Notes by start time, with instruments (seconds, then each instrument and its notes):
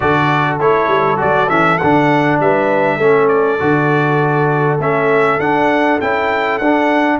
0.00 tuba D3, trombone F#4, horn A4, trumpet D5
0.59 tuba A3, trombone E4, trumpet C#5
0.87 tuba G3
1.16 tuba F#3, trombone F#4, trumpet D5
1.49 tuba E3, trombone C#4, trumpet E5
1.78 tuba D3, trombone D4, trumpet F#5
2.39 tuba G3, horn B4, trumpet E5
2.96 tuba A3, trombone C#4, horn A4
3.28 trumpet D5
3.59 tuba D3, trombone F#4
4.78 tuba A3, trombone C#4, trumpet E5
5.39 tuba D4, trombone D4, trumpet F#5
6.00 tuba C#4, trombone E4, trumpet G5
6.58 tuba D4, trombone D4, trumpet F#5